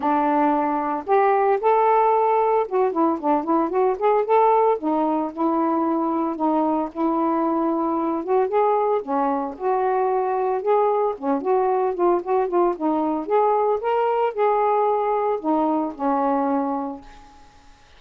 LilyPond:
\new Staff \with { instrumentName = "saxophone" } { \time 4/4 \tempo 4 = 113 d'2 g'4 a'4~ | a'4 fis'8 e'8 d'8 e'8 fis'8 gis'8 | a'4 dis'4 e'2 | dis'4 e'2~ e'8 fis'8 |
gis'4 cis'4 fis'2 | gis'4 cis'8 fis'4 f'8 fis'8 f'8 | dis'4 gis'4 ais'4 gis'4~ | gis'4 dis'4 cis'2 | }